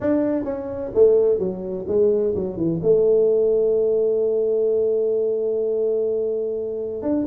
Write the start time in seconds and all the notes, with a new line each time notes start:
0.00 D4
0.44 C#4
0.94 A3
1.38 F#3
1.87 G#3
2.35 F#3
2.56 E3
2.82 A3
7.02 D4